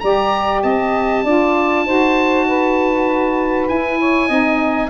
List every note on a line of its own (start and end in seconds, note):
0.00 0.64 G3
0.00 1.25 G4
0.00 0.63 D5
0.00 0.61 A#5
0.63 1.24 C4
0.63 1.24 D#5
0.63 3.68 A5
1.24 1.85 D4
1.24 1.86 F4
1.24 1.85 D5
1.85 3.69 D#4
1.85 3.70 F#4
1.85 2.47 C5
2.48 3.99 B4
3.68 4.30 E4
3.68 4.29 E4
3.68 4.90 G#5
3.99 4.28 C#5
4.28 4.90 C4
4.28 4.90 D#4
4.28 4.89 D#5